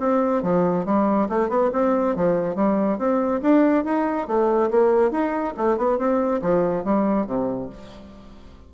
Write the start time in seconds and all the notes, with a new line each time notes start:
0.00 C4
0.43 F3
0.85 G3
1.29 A3
1.49 B3
1.73 C4
2.16 F3
2.55 G3
2.98 C4
3.42 D4
3.85 D#4
4.27 A3
4.71 A#3
5.11 D#4
5.57 A3
5.77 B3
5.98 C4
6.42 F3
6.84 G3
7.27 C3